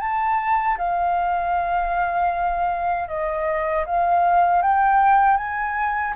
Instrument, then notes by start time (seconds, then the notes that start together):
flute
0.00 A5
0.78 F5
3.08 D#5
3.86 F5
4.62 G5
5.37 G#5